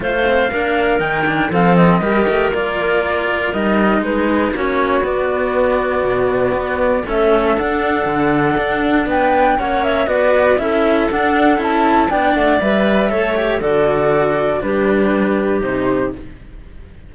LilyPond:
<<
  \new Staff \with { instrumentName = "flute" } { \time 4/4 \tempo 4 = 119 f''2 g''4 f''8 dis''8~ | dis''4 d''2 dis''4 | b'4 cis''4 d''2~ | d''2 e''4 fis''4~ |
fis''2 g''4 fis''8 e''8 | d''4 e''4 fis''4 a''4 | g''8 fis''8 e''2 d''4~ | d''4 b'2 c''4 | }
  \new Staff \with { instrumentName = "clarinet" } { \time 4/4 c''4 ais'2 a'4 | ais'1 | gis'4 fis'2.~ | fis'2 a'2~ |
a'2 b'4 cis''4 | b'4 a'2. | d''2 cis''4 a'4~ | a'4 g'2. | }
  \new Staff \with { instrumentName = "cello" } { \time 4/4 f'8 c'8 d'4 dis'8 d'8 c'4 | g'4 f'2 dis'4~ | dis'4 cis'4 b2~ | b2 cis'4 d'4~ |
d'2. cis'4 | fis'4 e'4 d'4 e'4 | d'4 b'4 a'8 g'8 fis'4~ | fis'4 d'2 dis'4 | }
  \new Staff \with { instrumentName = "cello" } { \time 4/4 a4 ais4 dis4 f4 | g8 a8 ais2 g4 | gis4 ais4 b2 | b,4 b4 a4 d'4 |
d4 d'4 b4 ais4 | b4 cis'4 d'4 cis'4 | b8 a8 g4 a4 d4~ | d4 g2 c4 | }
>>